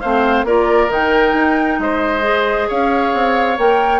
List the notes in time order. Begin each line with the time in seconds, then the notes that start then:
0.00 A3 C4 C5 F5
0.44 A#3 F4 A#4 D5
0.88 D#3 D#4 G5
1.33 D#4
1.79 G#3 C5 D#5
2.22 G#4
2.68 C#4 C#5 F5
3.13 C4
3.58 A#3 A#4 G5